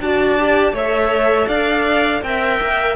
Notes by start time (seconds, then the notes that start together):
0.00 D4 F#4 D5 A5
0.38 G4
0.72 A3 A4 C#5 E5
1.47 D4 D5 F5
2.23 C4 A#4 E5 G5
2.61 A#3